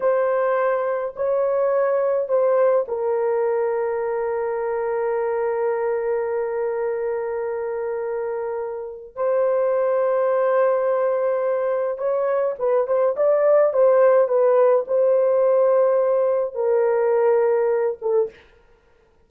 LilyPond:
\new Staff \with { instrumentName = "horn" } { \time 4/4 \tempo 4 = 105 c''2 cis''2 | c''4 ais'2.~ | ais'1~ | ais'1 |
c''1~ | c''4 cis''4 b'8 c''8 d''4 | c''4 b'4 c''2~ | c''4 ais'2~ ais'8 a'8 | }